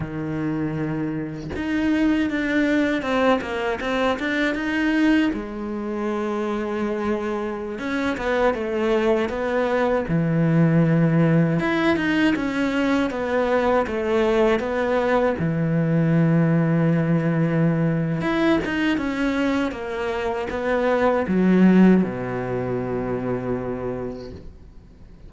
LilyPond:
\new Staff \with { instrumentName = "cello" } { \time 4/4 \tempo 4 = 79 dis2 dis'4 d'4 | c'8 ais8 c'8 d'8 dis'4 gis4~ | gis2~ gis16 cis'8 b8 a8.~ | a16 b4 e2 e'8 dis'16~ |
dis'16 cis'4 b4 a4 b8.~ | b16 e2.~ e8. | e'8 dis'8 cis'4 ais4 b4 | fis4 b,2. | }